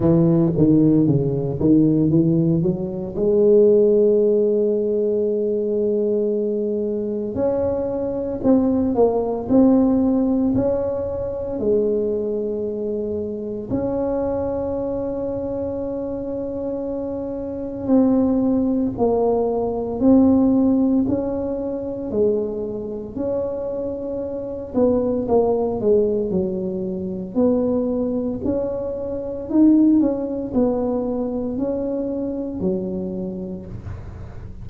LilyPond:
\new Staff \with { instrumentName = "tuba" } { \time 4/4 \tempo 4 = 57 e8 dis8 cis8 dis8 e8 fis8 gis4~ | gis2. cis'4 | c'8 ais8 c'4 cis'4 gis4~ | gis4 cis'2.~ |
cis'4 c'4 ais4 c'4 | cis'4 gis4 cis'4. b8 | ais8 gis8 fis4 b4 cis'4 | dis'8 cis'8 b4 cis'4 fis4 | }